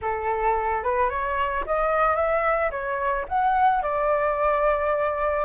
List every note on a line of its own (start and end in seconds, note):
0.01 0.83 A4
0.83 1.09 B4
1.09 1.64 C#5
1.66 2.15 D#5
2.15 2.70 E5
2.70 3.25 C#5
3.28 3.82 F#5
3.82 5.44 D5